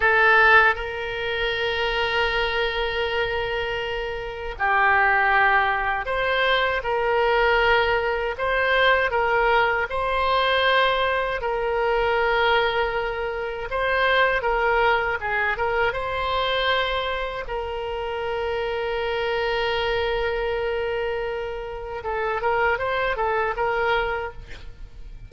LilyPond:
\new Staff \with { instrumentName = "oboe" } { \time 4/4 \tempo 4 = 79 a'4 ais'2.~ | ais'2 g'2 | c''4 ais'2 c''4 | ais'4 c''2 ais'4~ |
ais'2 c''4 ais'4 | gis'8 ais'8 c''2 ais'4~ | ais'1~ | ais'4 a'8 ais'8 c''8 a'8 ais'4 | }